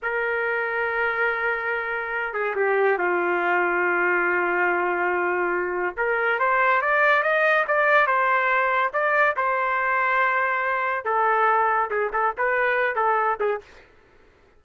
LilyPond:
\new Staff \with { instrumentName = "trumpet" } { \time 4/4 \tempo 4 = 141 ais'1~ | ais'4. gis'8 g'4 f'4~ | f'1~ | f'2 ais'4 c''4 |
d''4 dis''4 d''4 c''4~ | c''4 d''4 c''2~ | c''2 a'2 | gis'8 a'8 b'4. a'4 gis'8 | }